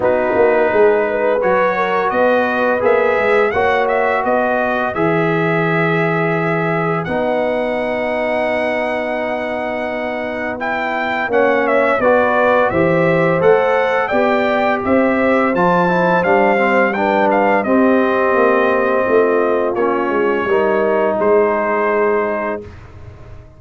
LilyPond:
<<
  \new Staff \with { instrumentName = "trumpet" } { \time 4/4 \tempo 4 = 85 b'2 cis''4 dis''4 | e''4 fis''8 e''8 dis''4 e''4~ | e''2 fis''2~ | fis''2. g''4 |
fis''8 e''8 d''4 e''4 fis''4 | g''4 e''4 a''4 f''4 | g''8 f''8 dis''2. | cis''2 c''2 | }
  \new Staff \with { instrumentName = "horn" } { \time 4/4 fis'4 gis'8 b'4 ais'8 b'4~ | b'4 cis''4 b'2~ | b'1~ | b'1 |
cis''4 b'4 c''2 | d''4 c''2. | b'4 g'2 f'4~ | f'4 ais'4 gis'2 | }
  \new Staff \with { instrumentName = "trombone" } { \time 4/4 dis'2 fis'2 | gis'4 fis'2 gis'4~ | gis'2 dis'2~ | dis'2. e'4 |
cis'4 fis'4 g'4 a'4 | g'2 f'8 e'8 d'8 c'8 | d'4 c'2. | cis'4 dis'2. | }
  \new Staff \with { instrumentName = "tuba" } { \time 4/4 b8 ais8 gis4 fis4 b4 | ais8 gis8 ais4 b4 e4~ | e2 b2~ | b1 |
ais4 b4 e4 a4 | b4 c'4 f4 g4~ | g4 c'4 ais4 a4 | ais8 gis8 g4 gis2 | }
>>